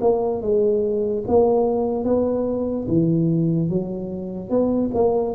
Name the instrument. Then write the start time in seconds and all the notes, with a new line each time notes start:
tuba
0.00 A#3
0.41 G#3
1.27 A#3
2.04 B3
2.87 E3
3.69 F#3
4.49 B3
4.94 A#3